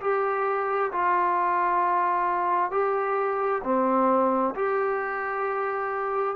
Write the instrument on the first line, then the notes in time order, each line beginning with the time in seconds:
trombone
0.00 G4
0.92 F4
2.71 G4
3.63 C4
4.55 G4